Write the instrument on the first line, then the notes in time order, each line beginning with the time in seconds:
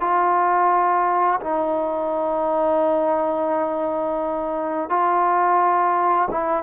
trombone
0.00 F4
1.40 D#4
4.89 F4
6.30 E4